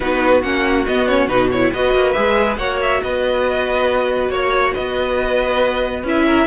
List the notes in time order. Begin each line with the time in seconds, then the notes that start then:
0.00 B3 D#4 F#4 B4
0.42 A#3 C#4 F#5
0.86 B3 D#5
1.07 C#4 C#5
1.27 B2 D#4 B4
1.51 E4 C#5
1.72 B3 F#4 B4 D#5
1.94 A#3
2.12 G#3 G#4 E5
2.57 A#3 F#4 C#5 F#5
2.81 E5
3.02 B3 B4 D#5
4.29 A#3 C#5
4.73 B3 B4 D#5
6.03 C#4 E4 E5
6.25 A#4